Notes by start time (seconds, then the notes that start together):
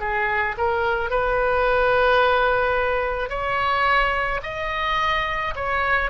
0.00 G#4
0.58 A#4
1.11 B4
3.30 C#5
4.43 D#5
5.56 C#5